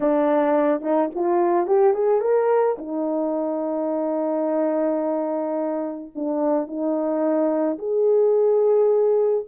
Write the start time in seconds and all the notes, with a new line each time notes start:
0.00 D4
0.81 D#4
1.14 F4
1.66 G4
1.93 G#4
2.20 A#4
2.78 D#4
6.15 D4
6.67 D#4
7.78 G#4